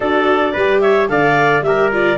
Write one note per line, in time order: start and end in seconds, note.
0.00 0.55 D4
0.00 0.55 F#4
0.00 0.52 A4
0.00 0.80 D5
0.52 1.09 G3
0.52 1.08 G4
0.52 0.80 B4
0.80 1.09 C#5
0.80 1.08 E5
1.08 1.61 D3
1.08 1.62 A4
1.08 1.65 D5
1.08 1.62 F5
1.61 2.16 G3
1.61 1.92 G4
1.61 2.17 A#4
1.61 1.90 E5
1.92 2.17 F4
1.92 2.17 D5